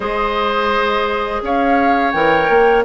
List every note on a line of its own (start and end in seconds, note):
0.00 1.41 G#3
0.00 2.13 G#4
0.00 1.41 C5
0.00 1.42 D#5
1.42 2.13 C#4
1.42 2.84 C#5
1.42 2.11 F5
2.11 2.49 E3
2.11 2.84 A#4
2.11 2.82 G5
2.49 2.84 A#3